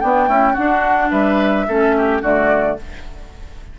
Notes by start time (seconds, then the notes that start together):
0.00 B3 D4 G5
0.25 A3 C#4 E4
0.52 D4 F#4 F#5
1.10 G3 B4 E5
1.67 A3 C#4 A4
1.97 G4
2.21 D3 A3 F#4 D5